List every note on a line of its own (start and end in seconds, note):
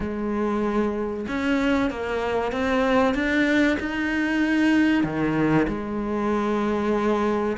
0.00 1.26 G#3
1.28 1.90 C#4
1.90 2.51 A#3
2.51 3.14 C4
3.14 3.77 D4
3.79 5.03 D#4
5.03 5.66 D#3
5.67 7.57 G#3